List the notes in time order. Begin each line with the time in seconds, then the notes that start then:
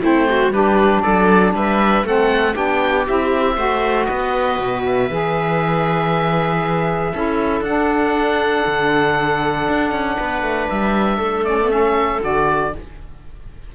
0.00 A3 C4 E4 C5
0.29 F#4
0.48 G3 D4 G4 B4
1.02 F#3 A4 D5
1.53 G3 B4 E5
2.03 A3 C4 A4 F#5
2.54 B3 D4 G4 G5
3.06 C4 E4 E5
3.56 A3 F#4 C5
4.05 B3 B4 D#5
4.58 B2
4.85 E5
5.09 E3 G#4
7.12 C#4 E4 A4
7.60 D4 F#5
8.66 D3
9.68 D4
9.91 C#4
10.17 B3 B4
10.41 A3
10.69 G3 E5
11.17 A3 A4
11.44 C#4 D5
11.59 B3
11.69 C#4 E5
12.20 D3 F#4 D5